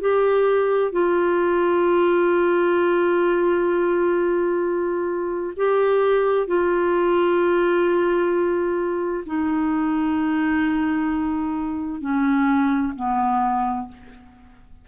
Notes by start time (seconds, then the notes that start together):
0.00 G4
0.91 F4
5.56 G4
6.47 F4
9.26 D#4
12.00 C#4
12.95 B3